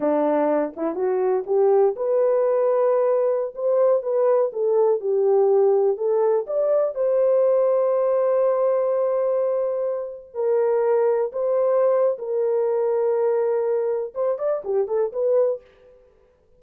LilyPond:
\new Staff \with { instrumentName = "horn" } { \time 4/4 \tempo 4 = 123 d'4. e'8 fis'4 g'4 | b'2.~ b'16 c''8.~ | c''16 b'4 a'4 g'4.~ g'16~ | g'16 a'4 d''4 c''4.~ c''16~ |
c''1~ | c''4~ c''16 ais'2 c''8.~ | c''4 ais'2.~ | ais'4 c''8 d''8 g'8 a'8 b'4 | }